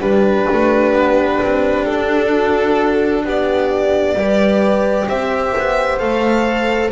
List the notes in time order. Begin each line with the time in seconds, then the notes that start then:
0.00 G3 D4 G4 B4
0.52 A3
0.93 B3
1.41 C4
1.85 D4 A4
2.31 F#4
3.25 B3 G4 D5
4.15 G3 G4 B4
5.08 C4 C5 E5
5.58 B3
5.99 A3 A4 F5